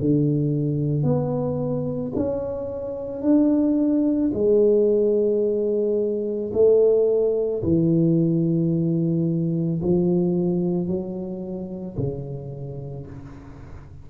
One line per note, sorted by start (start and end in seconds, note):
0.00 1.03 D3
1.03 2.12 B3
2.16 3.22 C#4
3.22 4.31 D4
4.33 6.52 G#3
6.53 7.62 A3
7.63 9.81 E3
9.82 10.87 F3
10.87 11.96 F#3
11.97 13.06 C#3